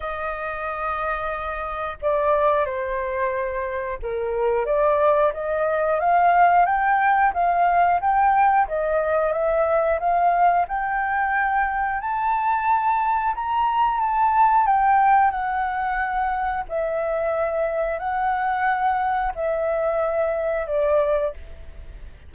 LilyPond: \new Staff \with { instrumentName = "flute" } { \time 4/4 \tempo 4 = 90 dis''2. d''4 | c''2 ais'4 d''4 | dis''4 f''4 g''4 f''4 | g''4 dis''4 e''4 f''4 |
g''2 a''2 | ais''4 a''4 g''4 fis''4~ | fis''4 e''2 fis''4~ | fis''4 e''2 d''4 | }